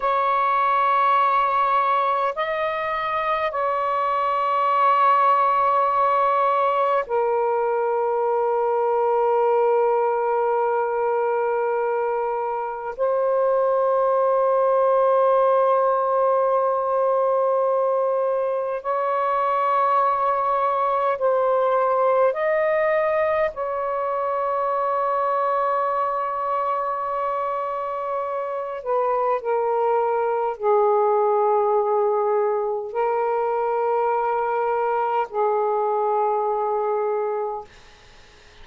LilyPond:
\new Staff \with { instrumentName = "saxophone" } { \time 4/4 \tempo 4 = 51 cis''2 dis''4 cis''4~ | cis''2 ais'2~ | ais'2. c''4~ | c''1 |
cis''2 c''4 dis''4 | cis''1~ | cis''8 b'8 ais'4 gis'2 | ais'2 gis'2 | }